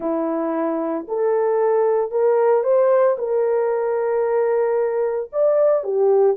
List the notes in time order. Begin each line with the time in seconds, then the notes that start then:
0.00 E4
1.07 A4
2.11 A#4
2.63 C5
3.18 A#4
5.32 D5
5.83 G4